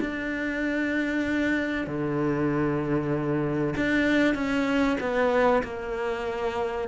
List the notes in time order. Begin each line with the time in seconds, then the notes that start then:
0.00 D4
1.87 D3
3.76 D4
4.35 C#4
5.00 B3
5.63 A#3